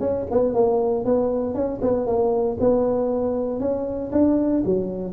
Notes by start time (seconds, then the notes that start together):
0.00 C#4
0.31 B3
0.54 A#3
1.05 B3
1.54 C#4
1.82 B3
2.06 A#3
2.60 B3
3.60 C#4
4.12 D4
4.65 F#3